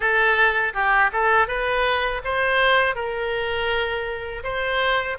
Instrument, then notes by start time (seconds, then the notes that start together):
oboe
0.00 A4
0.73 G4
1.12 A4
1.47 B4
2.24 C5
2.95 A#4
4.43 C5